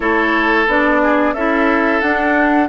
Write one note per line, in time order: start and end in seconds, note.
0.00 0.65 A3
0.00 0.67 E4
0.00 1.02 A4
0.00 0.67 C#5
0.66 1.33 B3
0.66 1.35 D4
0.66 1.33 D5
1.02 1.34 G#4
1.33 2.01 C#4
1.33 2.02 E4
1.33 2.68 A4
1.33 2.00 E5
2.00 2.68 D4
2.00 2.68 F#5